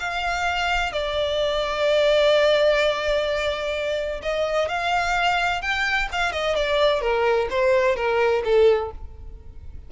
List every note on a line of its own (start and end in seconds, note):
0.00 0.93 F5
0.93 4.21 D5
4.23 4.69 D#5
4.69 5.62 F5
5.62 6.09 G5
6.12 6.32 F5
6.32 6.56 D#5
6.56 7.01 D5
7.01 7.48 A#4
7.50 7.96 C5
7.96 8.43 A#4
8.45 8.92 A4